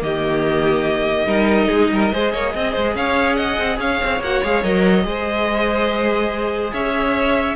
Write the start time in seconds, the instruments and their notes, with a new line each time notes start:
0.00 cello D#3, viola A#3, violin G4 D#5
1.26 cello G3, viola D#4, violin A#4
1.69 cello G#3, violin G#4
1.92 cello G3, violin A#4
2.14 cello G#3, viola G#4, violin C5
2.33 cello A#3, violin C#5
2.55 cello C4, violin D#5
2.73 cello G#3, violin C5
2.95 cello C#4, violin C#5 F5
3.36 violin D#5 F#5
3.59 cello C4
3.79 cello C#4, violin C#5 F5
4.04 cello C4
4.20 cello A#3, viola F#4, violin F#5
4.44 cello G#3, viola G#4, violin F5
4.63 cello F#3, viola A#4, violin D#5
5.05 cello G#3, viola G#4, violin C5
6.74 cello C#4, violin C#5 E5